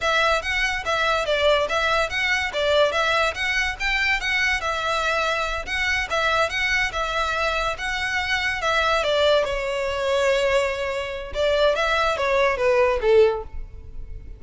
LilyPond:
\new Staff \with { instrumentName = "violin" } { \time 4/4 \tempo 4 = 143 e''4 fis''4 e''4 d''4 | e''4 fis''4 d''4 e''4 | fis''4 g''4 fis''4 e''4~ | e''4. fis''4 e''4 fis''8~ |
fis''8 e''2 fis''4.~ | fis''8 e''4 d''4 cis''4.~ | cis''2. d''4 | e''4 cis''4 b'4 a'4 | }